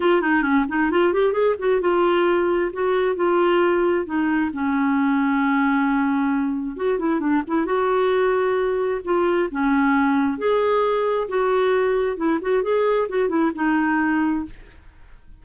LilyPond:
\new Staff \with { instrumentName = "clarinet" } { \time 4/4 \tempo 4 = 133 f'8 dis'8 cis'8 dis'8 f'8 g'8 gis'8 fis'8 | f'2 fis'4 f'4~ | f'4 dis'4 cis'2~ | cis'2. fis'8 e'8 |
d'8 e'8 fis'2. | f'4 cis'2 gis'4~ | gis'4 fis'2 e'8 fis'8 | gis'4 fis'8 e'8 dis'2 | }